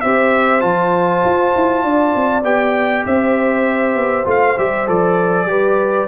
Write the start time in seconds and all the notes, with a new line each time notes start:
0.00 C4 G4 C5 E5
0.60 F3 F4 A5
1.24 F4
1.55 E4
1.84 D4 D5
2.15 C4
2.43 B3 G4 G5
3.05 C4 C5 E5
3.95 B3
4.24 A3 F4 F5
4.57 G3 G4 E5
4.86 F3 A4 D5
5.45 G3 G4 B4